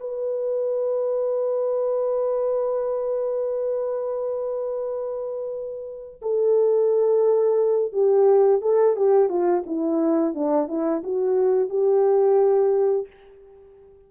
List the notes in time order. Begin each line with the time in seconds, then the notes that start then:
0.00 B4
6.22 A4
7.92 G4
8.61 A4
8.96 G4
9.29 F4
9.66 E4
10.34 D4
10.68 E4
11.03 F#4
11.69 G4